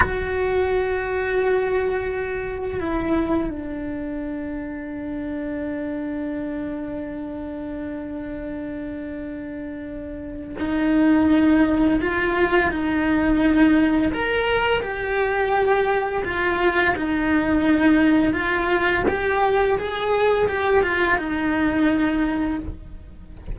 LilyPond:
\new Staff \with { instrumentName = "cello" } { \time 4/4 \tempo 4 = 85 fis'1 | e'4 d'2.~ | d'1~ | d'2. dis'4~ |
dis'4 f'4 dis'2 | ais'4 g'2 f'4 | dis'2 f'4 g'4 | gis'4 g'8 f'8 dis'2 | }